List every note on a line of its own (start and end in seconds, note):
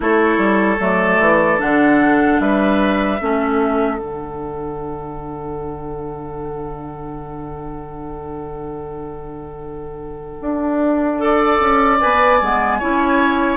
0.00 0.37 A3
0.00 0.77 E4
0.00 2.41 A4
0.00 0.82 C#5
0.37 0.77 G3
0.79 1.19 F#3
0.79 1.58 A3
0.79 1.60 D5
1.19 1.59 E3
1.58 2.39 D3
1.58 3.18 D4
1.58 2.40 F#5
2.39 3.19 G3
2.39 3.21 B4
2.39 3.98 E5
3.21 3.98 A3
3.21 3.97 C#4
3.21 11.21 A4
3.97 10.38 D3
3.97 11.17 D4
3.97 11.98 F#5
10.41 11.60 D4
11.18 11.98 A4
11.18 12.78 D5
11.60 12.00 C#4
12.00 12.41 B3
12.00 12.40 B4
12.00 13.57 G#5
12.41 12.81 G#3
12.41 12.80 B3
12.78 13.57 C#4
12.78 13.57 E4
12.78 13.57 C#5